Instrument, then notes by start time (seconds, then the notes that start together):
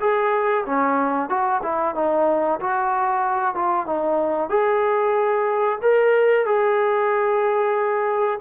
trombone
0.00 G#4
0.65 C#4
1.29 F#4
1.62 E4
1.95 D#4
2.60 F#4
3.55 F4
3.86 D#4
4.49 G#4
5.82 A#4
6.46 G#4